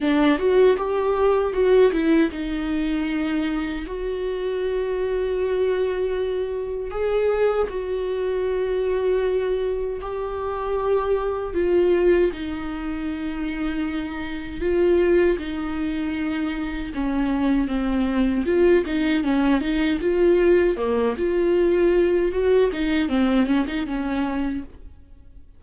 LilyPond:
\new Staff \with { instrumentName = "viola" } { \time 4/4 \tempo 4 = 78 d'8 fis'8 g'4 fis'8 e'8 dis'4~ | dis'4 fis'2.~ | fis'4 gis'4 fis'2~ | fis'4 g'2 f'4 |
dis'2. f'4 | dis'2 cis'4 c'4 | f'8 dis'8 cis'8 dis'8 f'4 ais8 f'8~ | f'4 fis'8 dis'8 c'8 cis'16 dis'16 cis'4 | }